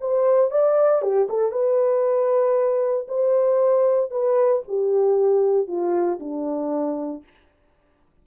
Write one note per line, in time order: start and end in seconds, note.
0.00 0.50 C5
0.50 1.01 D5
1.01 1.27 G4
1.29 1.51 A4
1.51 3.07 B4
3.08 4.10 C5
4.10 4.62 B4
4.67 5.67 G4
5.67 6.19 F4
6.19 7.23 D4